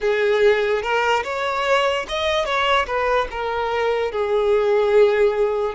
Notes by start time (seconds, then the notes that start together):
0.00 G#4
0.82 A#4
1.23 C#5
2.08 D#5
2.45 C#5
2.86 B4
3.31 A#4
4.11 G#4